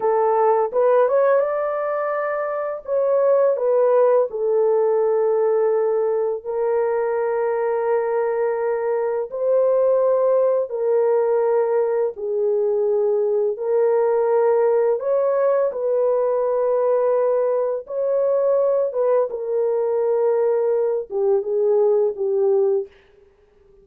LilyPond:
\new Staff \with { instrumentName = "horn" } { \time 4/4 \tempo 4 = 84 a'4 b'8 cis''8 d''2 | cis''4 b'4 a'2~ | a'4 ais'2.~ | ais'4 c''2 ais'4~ |
ais'4 gis'2 ais'4~ | ais'4 cis''4 b'2~ | b'4 cis''4. b'8 ais'4~ | ais'4. g'8 gis'4 g'4 | }